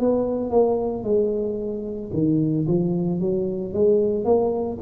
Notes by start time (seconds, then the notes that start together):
0.00 B3
0.51 A#3
1.04 G#3
2.13 D#3
2.68 F3
3.20 F#3
3.74 G#3
4.25 A#3